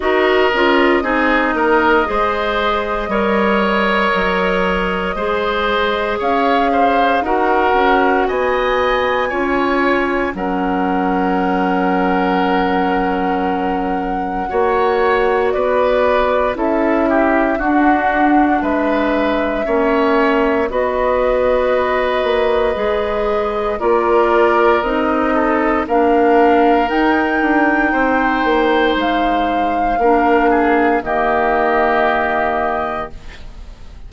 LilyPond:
<<
  \new Staff \with { instrumentName = "flute" } { \time 4/4 \tempo 4 = 58 dis''1~ | dis''2 f''4 fis''4 | gis''2 fis''2~ | fis''2. d''4 |
e''4 fis''4 e''2 | dis''2. d''4 | dis''4 f''4 g''2 | f''2 dis''2 | }
  \new Staff \with { instrumentName = "oboe" } { \time 4/4 ais'4 gis'8 ais'8 c''4 cis''4~ | cis''4 c''4 cis''8 c''8 ais'4 | dis''4 cis''4 ais'2~ | ais'2 cis''4 b'4 |
a'8 g'8 fis'4 b'4 cis''4 | b'2. ais'4~ | ais'8 a'8 ais'2 c''4~ | c''4 ais'8 gis'8 g'2 | }
  \new Staff \with { instrumentName = "clarinet" } { \time 4/4 fis'8 f'8 dis'4 gis'4 ais'4~ | ais'4 gis'2 fis'4~ | fis'4 f'4 cis'2~ | cis'2 fis'2 |
e'4 d'2 cis'4 | fis'2 gis'4 f'4 | dis'4 d'4 dis'2~ | dis'4 d'4 ais2 | }
  \new Staff \with { instrumentName = "bassoon" } { \time 4/4 dis'8 cis'8 c'8 ais8 gis4 g4 | fis4 gis4 cis'4 dis'8 cis'8 | b4 cis'4 fis2~ | fis2 ais4 b4 |
cis'4 d'4 gis4 ais4 | b4. ais8 gis4 ais4 | c'4 ais4 dis'8 d'8 c'8 ais8 | gis4 ais4 dis2 | }
>>